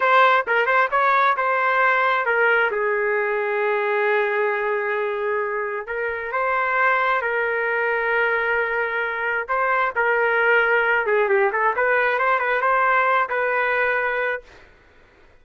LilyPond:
\new Staff \with { instrumentName = "trumpet" } { \time 4/4 \tempo 4 = 133 c''4 ais'8 c''8 cis''4 c''4~ | c''4 ais'4 gis'2~ | gis'1~ | gis'4 ais'4 c''2 |
ais'1~ | ais'4 c''4 ais'2~ | ais'8 gis'8 g'8 a'8 b'4 c''8 b'8 | c''4. b'2~ b'8 | }